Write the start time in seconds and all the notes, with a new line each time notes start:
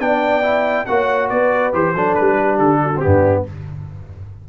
0.00 B3 D4 D5 G5
0.43 E4
0.86 A#3 F#4 C#5 F#5
1.30 B3 B4 D5
1.73 E3 G4 C5
1.94 F#3 D4 A4
2.15 G3 B4
2.38 G4
2.59 D3 A4
2.83 F#4
2.97 C4 G4
3.03 G2 B3 D4